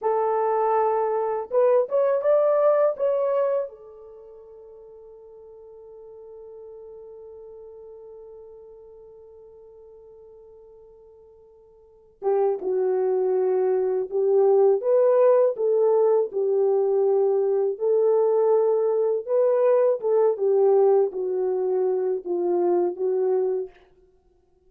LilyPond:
\new Staff \with { instrumentName = "horn" } { \time 4/4 \tempo 4 = 81 a'2 b'8 cis''8 d''4 | cis''4 a'2.~ | a'1~ | a'1~ |
a'8 g'8 fis'2 g'4 | b'4 a'4 g'2 | a'2 b'4 a'8 g'8~ | g'8 fis'4. f'4 fis'4 | }